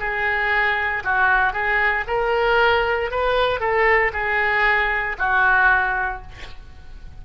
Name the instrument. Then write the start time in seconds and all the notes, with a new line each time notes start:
oboe
0.00 G#4
1.04 F#4
1.53 G#4
2.07 A#4
3.11 B4
3.60 A4
4.13 G#4
5.19 F#4